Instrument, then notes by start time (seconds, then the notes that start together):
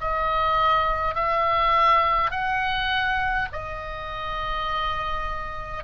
oboe
0.00 D#5
1.14 E5
2.30 F#5
3.52 D#5